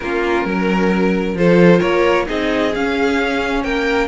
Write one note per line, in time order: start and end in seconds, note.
0.00 0.45 A#3
0.00 1.37 C#4
0.00 0.46 F4
0.00 1.37 A#4
0.45 1.34 F#3
0.45 1.37 A#4
1.34 1.80 F3
1.34 2.26 F4
1.34 1.79 A4
1.34 1.80 C5
1.79 2.27 A#3
1.79 2.25 A#4
1.79 2.26 C#5
2.26 2.74 C4
2.26 2.72 D#4
2.26 3.63 G#4
2.26 2.74 D#5
2.74 3.64 C#4
2.74 4.07 C#4
2.74 3.63 F5
3.63 4.07 A#3
3.63 4.07 A#4
3.63 4.07 G5